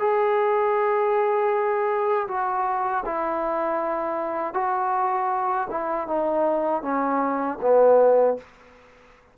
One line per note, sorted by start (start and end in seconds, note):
0.00 2.28 G#4
2.28 3.04 F#4
3.06 4.54 E4
4.54 5.68 F#4
5.71 6.08 E4
6.08 6.83 D#4
6.83 7.58 C#4
7.62 8.38 B3